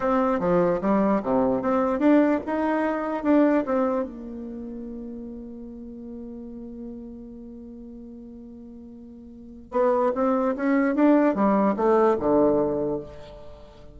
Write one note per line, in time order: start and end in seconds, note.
0.00 0.39 C4
0.39 0.80 F3
0.81 1.22 G3
1.22 1.61 C3
1.61 1.99 C4
1.99 2.40 D4
2.45 3.23 D#4
3.23 3.64 D4
3.65 4.04 C4
4.04 9.71 A#3
9.71 10.11 B3
10.14 10.55 C4
10.56 10.95 C#4
10.95 11.34 D4
11.34 11.75 G3
11.76 12.17 A3
12.19 13.00 D3